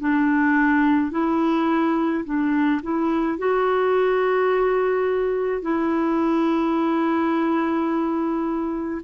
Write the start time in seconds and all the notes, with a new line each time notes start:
0.00 D4
1.12 E4
2.25 D4
2.83 E4
3.39 F#4
5.62 E4